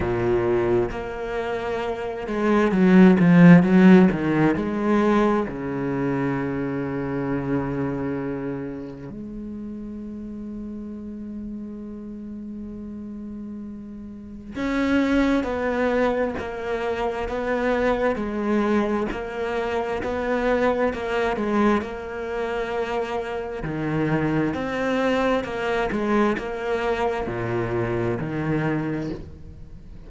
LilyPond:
\new Staff \with { instrumentName = "cello" } { \time 4/4 \tempo 4 = 66 ais,4 ais4. gis8 fis8 f8 | fis8 dis8 gis4 cis2~ | cis2 gis2~ | gis1 |
cis'4 b4 ais4 b4 | gis4 ais4 b4 ais8 gis8 | ais2 dis4 c'4 | ais8 gis8 ais4 ais,4 dis4 | }